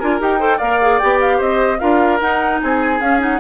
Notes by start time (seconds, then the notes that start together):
0.00 D4 F4 A#4 G#5
0.20 D#4 G4 G5
0.40 A4 C5
0.58 A#3 A#4 D5 F5
0.82 G#4
0.99 B3 G4 G5
1.21 F5
1.38 C4 C5 D#5
1.80 D4 F4 A#4 F5
2.21 D#4 F#5
2.62 C4 G#4 G#5
3.01 C#4 F5
3.20 D#4 F#5